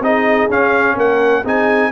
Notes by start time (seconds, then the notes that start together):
0.00 C4 D#4 G#4 D#5
0.49 C#4 F5
0.95 A#3 A#4 F#5
1.43 C4 D#4 G#4 G#5